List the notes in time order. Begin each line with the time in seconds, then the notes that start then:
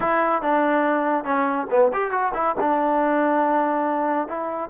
0.00 E4
0.41 D4
1.24 C#4
1.70 B3
1.93 G4
2.11 F#4
2.34 E4
2.60 D4
4.28 E4